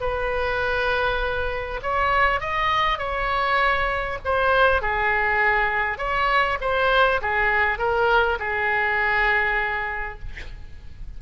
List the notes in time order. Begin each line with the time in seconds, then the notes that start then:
0.00 B4
1.82 C#5
2.40 D#5
2.98 C#5
4.24 C5
4.81 G#4
5.98 C#5
6.61 C5
7.21 G#4
7.78 A#4
8.39 G#4